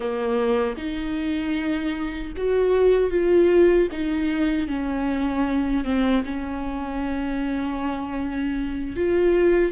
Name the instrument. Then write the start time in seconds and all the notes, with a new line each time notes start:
viola
0.00 A#3
0.77 D#4
2.37 F#4
3.10 F4
3.91 D#4
4.67 C#4
5.84 C4
6.25 C#4
8.96 F4